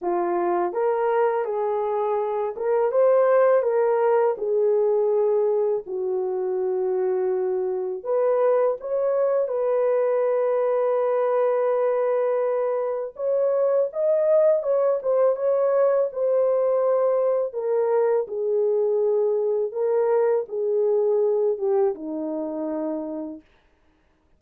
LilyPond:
\new Staff \with { instrumentName = "horn" } { \time 4/4 \tempo 4 = 82 f'4 ais'4 gis'4. ais'8 | c''4 ais'4 gis'2 | fis'2. b'4 | cis''4 b'2.~ |
b'2 cis''4 dis''4 | cis''8 c''8 cis''4 c''2 | ais'4 gis'2 ais'4 | gis'4. g'8 dis'2 | }